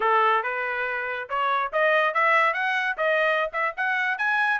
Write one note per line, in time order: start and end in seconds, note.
0.00 0.43 A4
0.43 1.28 B4
1.29 1.72 C#5
1.72 2.14 D#5
2.14 2.53 E5
2.53 2.96 F#5
2.97 3.50 D#5
3.53 3.74 E5
3.77 4.18 F#5
4.18 4.59 G#5